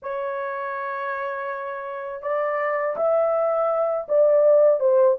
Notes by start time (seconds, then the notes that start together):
0.02 C#5
2.22 D5
2.96 E5
4.08 D5
4.80 C5